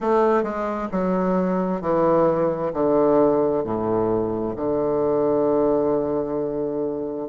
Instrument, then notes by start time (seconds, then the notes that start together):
bassoon
0.00 A3
0.43 G#3
0.91 F#3
1.81 E3
2.73 D3
3.64 A2
4.56 D3